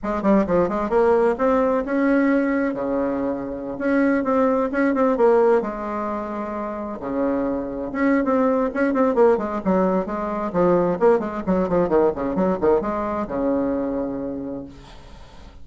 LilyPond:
\new Staff \with { instrumentName = "bassoon" } { \time 4/4 \tempo 4 = 131 gis8 g8 f8 gis8 ais4 c'4 | cis'2 cis2~ | cis16 cis'4 c'4 cis'8 c'8 ais8.~ | ais16 gis2. cis8.~ |
cis4~ cis16 cis'8. c'4 cis'8 c'8 | ais8 gis8 fis4 gis4 f4 | ais8 gis8 fis8 f8 dis8 cis8 fis8 dis8 | gis4 cis2. | }